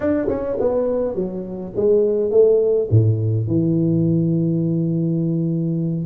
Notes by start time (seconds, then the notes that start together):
0.00 D4
0.28 C#4
0.60 B3
1.15 F#3
1.75 G#3
2.31 A3
2.90 A2
3.47 E3